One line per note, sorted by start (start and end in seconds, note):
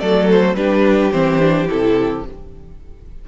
0.00 0.55 F#3
0.00 0.57 A3
0.00 0.56 A4
0.00 0.28 D5
0.31 0.56 C5
0.55 1.11 G3
0.55 1.13 D4
0.55 2.26 G4
0.55 1.12 B4
1.12 1.69 E3
1.12 1.40 C4
1.12 1.68 C5
1.40 1.68 D4
1.69 2.28 C3
1.69 2.25 E4
1.69 2.26 A4